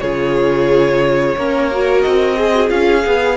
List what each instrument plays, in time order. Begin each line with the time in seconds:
0.00 cello C#3, viola F4, violin G#4 C#5
1.37 cello A#3, viola C#4, violin A#4
1.72 viola F#4
2.02 cello C4, violin D#5
2.37 viola G#4, violin G#4
2.54 viola F#4
2.68 cello C#4, viola F4, violin F5
3.06 cello B3, viola G#4